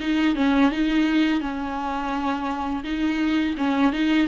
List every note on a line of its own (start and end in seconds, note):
0.00 0.35 D#4
0.35 0.71 C#4
0.71 1.40 D#4
1.40 2.83 C#4
2.84 3.55 D#4
3.57 3.92 C#4
3.92 4.28 D#4